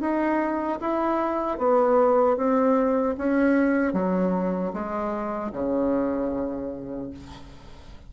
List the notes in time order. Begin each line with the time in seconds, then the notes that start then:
0.00 D#4
0.80 E4
1.58 B3
2.36 C4
3.18 C#4
3.93 F#3
4.73 G#3
5.52 C#3